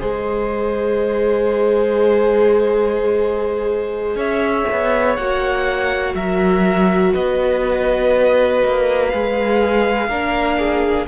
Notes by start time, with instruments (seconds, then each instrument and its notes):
0.00 cello G#3, viola G#4, violin C5 D#5
4.15 cello C#4, violin C#5 E5
4.71 cello B3
5.16 cello A#3, viola F#4, violin F#5
6.14 cello F#3, violin A#4 E5
7.13 cello B3, violin B4 D#5
8.64 cello A#3
9.09 cello G#3, viola G#4, violin F5
10.08 cello A#3, viola D4, violin A#4
10.58 violin G#4